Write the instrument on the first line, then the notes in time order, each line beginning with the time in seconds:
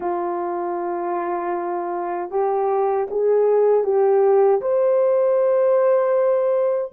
horn
0.00 F4
2.30 G4
3.10 G#4
3.84 G4
4.61 C5